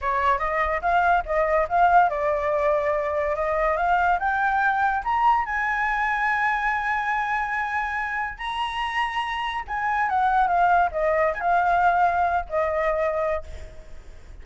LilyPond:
\new Staff \with { instrumentName = "flute" } { \time 4/4 \tempo 4 = 143 cis''4 dis''4 f''4 dis''4 | f''4 d''2. | dis''4 f''4 g''2 | ais''4 gis''2.~ |
gis''1 | ais''2. gis''4 | fis''4 f''4 dis''4 gis''16 f''8.~ | f''4.~ f''16 dis''2~ dis''16 | }